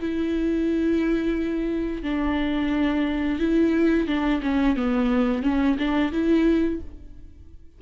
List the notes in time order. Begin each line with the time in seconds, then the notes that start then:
0.00 E4
2.02 D4
3.39 E4
4.07 D4
4.42 C#4
4.76 B3
5.42 C#4
5.78 D4
6.12 E4